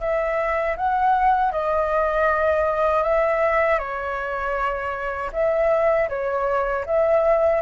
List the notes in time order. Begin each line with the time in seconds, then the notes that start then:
0.00 E5
0.77 F#5
1.52 D#5
3.03 E5
3.78 C#5
5.33 E5
6.09 C#5
6.86 E5